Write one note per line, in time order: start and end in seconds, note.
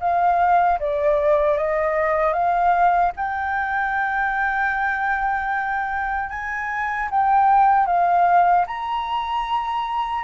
0.00 0.79 F5
0.80 1.58 D5
1.58 2.33 D#5
2.33 3.12 F5
3.17 6.30 G5
6.30 7.09 G#5
7.10 7.86 G5
7.86 8.65 F5
8.67 10.24 A#5